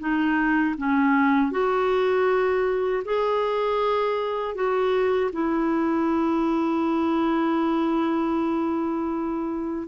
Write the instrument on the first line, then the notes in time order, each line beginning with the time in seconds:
clarinet
0.00 D#4
0.78 C#4
1.52 F#4
3.06 G#4
4.55 F#4
5.33 E4